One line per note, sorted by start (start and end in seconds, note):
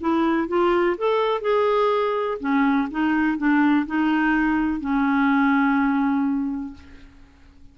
0.00 0.48 E4
0.48 0.96 F4
0.97 1.41 A4
1.41 2.38 G#4
2.40 2.88 C#4
2.91 3.38 D#4
3.38 3.86 D4
3.86 4.80 D#4
4.80 6.74 C#4